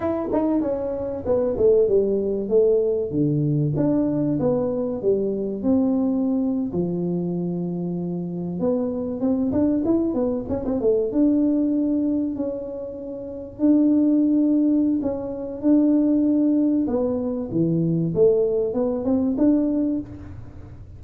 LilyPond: \new Staff \with { instrumentName = "tuba" } { \time 4/4 \tempo 4 = 96 e'8 dis'8 cis'4 b8 a8 g4 | a4 d4 d'4 b4 | g4 c'4.~ c'16 f4~ f16~ | f4.~ f16 b4 c'8 d'8 e'16~ |
e'16 b8 cis'16 c'16 a8 d'2 cis'16~ | cis'4.~ cis'16 d'2~ d'16 | cis'4 d'2 b4 | e4 a4 b8 c'8 d'4 | }